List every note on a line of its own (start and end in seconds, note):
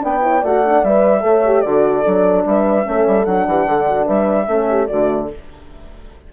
0.00 0.42 B3
0.00 0.20 D4
0.00 0.23 B4
0.00 0.44 G5
0.21 0.41 E4
0.21 0.40 C#5
0.40 0.83 A3
0.40 0.65 F#4
0.40 1.21 D5
0.40 0.84 F#5
0.65 0.86 D4
0.83 1.23 G3
0.83 1.21 B4
0.83 1.60 E5
1.21 1.64 A3
1.21 1.41 A4
1.21 1.64 C#5
1.45 1.65 G4
1.60 2.04 D3
1.60 2.04 F#4
1.60 2.45 A4
1.60 2.41 D5
2.04 2.45 F#3
2.04 2.83 D4
2.45 2.85 G3
2.45 2.87 B4
2.45 3.25 E5
2.83 3.06 A3
2.83 3.23 C#4
2.83 3.48 A4
3.06 3.26 G3
3.25 3.46 F#3
3.25 4.47 D4
3.25 4.06 F#5
3.47 3.65 E3
3.47 3.67 G4
3.65 4.06 D3
3.65 3.87 A4
3.88 4.05 F#4
4.05 4.47 G3
4.05 4.46 B4
4.05 4.87 E5
4.47 4.88 A3
4.47 4.88 C#4
4.47 4.68 A4
4.68 4.89 G4
4.87 5.32 D3
4.87 5.30 A3
4.87 5.29 F#4
4.87 5.27 D5